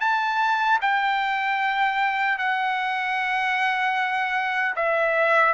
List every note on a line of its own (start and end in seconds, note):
0.00 0.79 A5
0.81 2.38 G5
2.38 4.75 F#5
4.75 5.54 E5